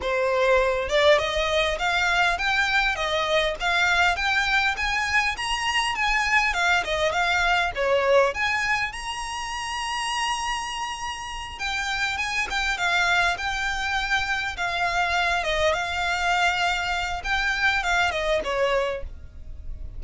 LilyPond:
\new Staff \with { instrumentName = "violin" } { \time 4/4 \tempo 4 = 101 c''4. d''8 dis''4 f''4 | g''4 dis''4 f''4 g''4 | gis''4 ais''4 gis''4 f''8 dis''8 | f''4 cis''4 gis''4 ais''4~ |
ais''2.~ ais''8 g''8~ | g''8 gis''8 g''8 f''4 g''4.~ | g''8 f''4. dis''8 f''4.~ | f''4 g''4 f''8 dis''8 cis''4 | }